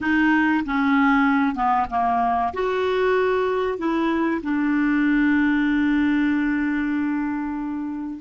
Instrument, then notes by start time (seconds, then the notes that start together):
clarinet
0.00 D#4
0.65 C#4
1.55 B3
1.90 A#3
2.53 F#4
3.78 E4
4.42 D4